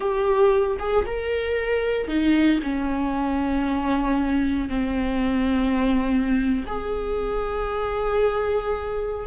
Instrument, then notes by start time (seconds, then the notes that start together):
viola
0.00 G4
0.79 G#4
1.06 A#4
2.07 D#4
2.63 C#4
4.68 C4
6.66 G#4